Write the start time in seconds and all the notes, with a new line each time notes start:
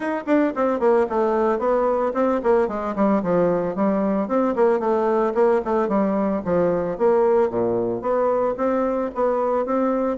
0.00 D#4
0.26 D4
0.55 C4
0.79 A#3
1.09 A3
1.59 B3
2.14 C4
2.43 A#3
2.68 G#3
2.95 G3
3.22 F3
3.75 G3
4.27 C4
4.55 A#3
4.79 A3
5.34 A#3
5.64 A3
5.88 G3
6.45 F3
6.98 A#3
7.50 A#2
8.01 B3
8.57 C4
9.14 B3
9.65 C4